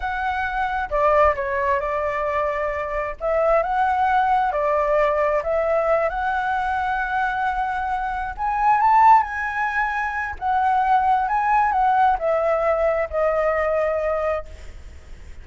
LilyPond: \new Staff \with { instrumentName = "flute" } { \time 4/4 \tempo 4 = 133 fis''2 d''4 cis''4 | d''2. e''4 | fis''2 d''2 | e''4. fis''2~ fis''8~ |
fis''2~ fis''8 gis''4 a''8~ | a''8 gis''2~ gis''8 fis''4~ | fis''4 gis''4 fis''4 e''4~ | e''4 dis''2. | }